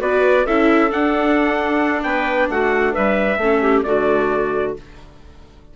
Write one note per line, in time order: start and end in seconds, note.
0.00 0.46 B3
0.00 0.45 F#4
0.00 0.46 B4
0.00 0.47 D5
0.46 0.92 C#4
0.46 0.90 E4
0.46 2.03 A4
0.46 0.92 E5
0.90 3.39 D4
0.90 2.04 D4
0.90 2.04 F#5
2.04 2.49 B3
2.04 2.50 B4
2.04 2.49 G5
2.49 2.95 A3
2.49 2.93 F#4
2.49 2.94 F#5
2.93 3.38 G3
2.93 3.38 B4
2.93 3.83 E5
3.38 3.83 A3
3.38 3.85 C#4
3.38 3.62 A4
3.62 3.85 G4
3.83 4.76 D3
3.83 4.75 A3
3.83 4.77 F#4
3.83 4.73 D5